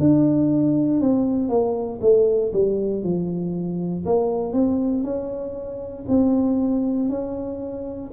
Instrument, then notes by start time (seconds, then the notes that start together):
tuba
0.00 D4
1.01 C4
1.49 A#3
2.02 A3
2.53 G3
3.03 F3
4.05 A#3
4.53 C4
5.04 C#4
6.08 C4
7.10 C#4